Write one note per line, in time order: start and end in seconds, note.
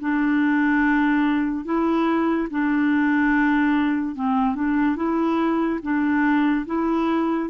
0.00 1.64 D4
1.64 2.48 E4
2.50 4.15 D4
4.15 4.55 C4
4.55 4.96 D4
4.96 5.79 E4
5.82 6.66 D4
6.66 7.49 E4